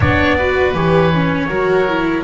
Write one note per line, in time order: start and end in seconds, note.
0.00 0.74 B3
0.00 0.39 D4
0.00 0.37 C#5
0.00 0.73 D5
0.37 0.74 F#4
0.37 1.49 B4
0.74 1.49 E3
0.74 1.11 G4
0.74 2.23 C#5
1.14 1.49 C#4
1.49 2.23 F#3
1.49 1.87 F#4
1.49 2.23 A#4
1.88 2.23 E4